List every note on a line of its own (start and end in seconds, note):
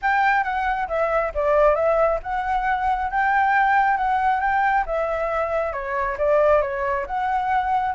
0.02 0.43 G5
0.43 0.87 F#5
0.88 1.32 E5
1.34 1.75 D5
1.75 2.19 E5
2.23 3.11 F#5
3.11 3.97 G5
3.97 4.40 F#5
4.40 4.84 G5
4.85 5.72 E5
5.72 6.16 C#5
6.17 6.61 D5
6.61 7.05 C#5
7.06 7.94 F#5